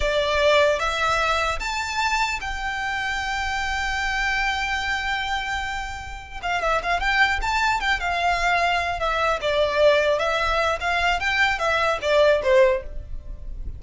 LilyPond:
\new Staff \with { instrumentName = "violin" } { \time 4/4 \tempo 4 = 150 d''2 e''2 | a''2 g''2~ | g''1~ | g''1 |
f''8 e''8 f''8 g''4 a''4 g''8 | f''2~ f''8 e''4 d''8~ | d''4. e''4. f''4 | g''4 e''4 d''4 c''4 | }